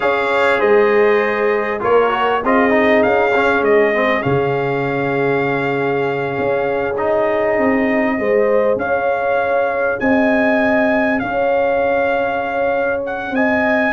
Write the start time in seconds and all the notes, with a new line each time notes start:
0.00 C#4 G#4 C#5 F5
0.58 G#3 C5 D#5
1.80 A#3 F4 A#4 C#5
2.10 F#4
2.42 C4 F4 G#4 D#5
2.70 D#4
3.02 C#4 F5
3.34 C#4
3.61 G#3 D#5
3.93 C4
4.21 C#3 C#4 F5
6.38 C#4
6.96 D#4 D#5
7.58 C4
8.17 G#3 G#4 C5
8.76 C#4 C#5 F5
9.99 C4 D#5 G#5
11.19 C#4 C#5 F5
13.06 F#5
13.30 C4 D#5 G#5